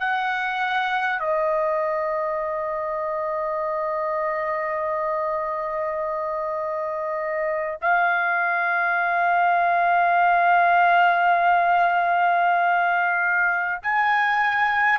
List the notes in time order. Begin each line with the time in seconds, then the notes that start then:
0.00 F#5
1.19 D#5
7.82 F5
13.83 G#5